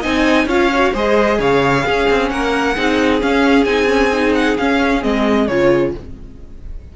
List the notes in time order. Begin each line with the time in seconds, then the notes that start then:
0.00 C4 D#4 D#5 G#5
0.46 C#4 F4 C#5 F5
0.74 F#4
0.93 G#3 G#4 C5 D#5
1.39 C#3 C#5 F5
1.84 C#4 G#4
2.10 C4
2.29 A#3 A#4 F#5
2.74 C4 D#4 G#4
3.20 C#4 F5
3.64 C4 D#4 G#5
3.87 C#4
4.12 D#4
4.34 F#5
4.57 C#4 F5
5.01 G#3 C4 D#5
5.47 C#3 F4 C#5